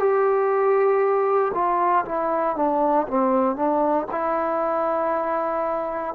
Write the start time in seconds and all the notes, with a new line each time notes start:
0.00 G4
1.54 F4
2.06 E4
2.56 D4
3.08 C4
3.56 D4
4.11 E4